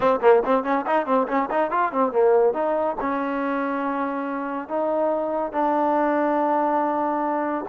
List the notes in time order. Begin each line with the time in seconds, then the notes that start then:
0.00 C4
0.21 A#3
0.45 C4
0.63 C#4
0.86 D#4
1.06 C4
1.27 C#4
1.50 D#4
1.70 F4
1.92 C4
2.12 A#3
2.53 D#4
3.00 C#4
4.68 D#4
5.52 D4